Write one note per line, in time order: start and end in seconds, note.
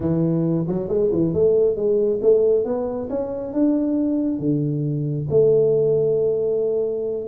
0.00 0.66 E3
0.67 0.88 F#3
0.88 1.10 G#3
1.11 1.33 E3
1.33 1.76 A3
1.76 2.20 G#3
2.22 2.65 A3
2.65 3.09 B3
3.09 3.53 C#4
3.53 4.39 D4
4.39 5.27 D3
5.30 7.27 A3